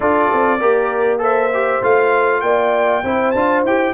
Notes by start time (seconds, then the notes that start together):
0.00 D4 F4 A4 D5
0.32 C4
0.59 A#3 G4 A#4
1.19 A4 C5 E5
1.53 G4
1.82 A3 F4 F5
2.41 A#3 D5 G5
3.03 C4 E4 C5
3.31 D4 F4 A5
3.63 E4 G4 G5